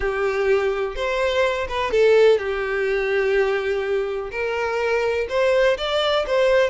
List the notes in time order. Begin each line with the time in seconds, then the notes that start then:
0.00 G4
0.95 C5
1.68 B4
1.91 A4
2.38 G4
4.31 A#4
5.29 C5
5.77 D5
6.26 C5